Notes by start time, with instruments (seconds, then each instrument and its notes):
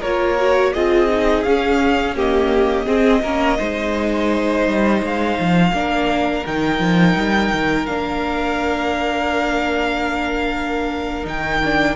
0.00 cello A#3, viola F4, violin A#4 C#5
0.38 viola F#4
0.74 cello C4, viola F4, violin G#4 D#5
1.10 viola D#4
1.43 cello C#4, viola C#4, violin F5
2.15 viola A#3, violin G4 D#5
2.86 viola C4, cello C4, violin G#4
3.22 cello A#3, viola C#4, violin A#4
3.58 cello G#3, viola D#4, violin C5
4.66 cello G3
5.03 cello G#3, violin F5
5.39 cello F3
5.72 cello A#3, viola D4, violin A#4
6.46 cello D#3, viola D#4, violin G5
6.79 cello F3
7.16 cello G3
7.53 cello D#3
7.86 cello A#3, viola D4, violin F5
11.24 cello D#3, viola D#4, violin G5
11.64 viola D4